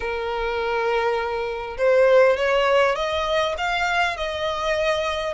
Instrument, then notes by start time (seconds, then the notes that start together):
violin
0.00 A#4
1.77 C5
2.37 C#5
2.95 D#5
3.57 F5
4.16 D#5